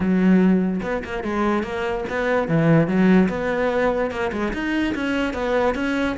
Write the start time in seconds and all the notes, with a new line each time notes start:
0.00 F#3
0.82 B3
1.04 A#3
1.23 G#3
1.63 A#3
2.09 B3
2.48 E3
2.87 F#3
3.28 B3
4.10 A#3
4.32 G#3
4.53 D#4
4.94 C#4
5.33 B3
5.75 C#4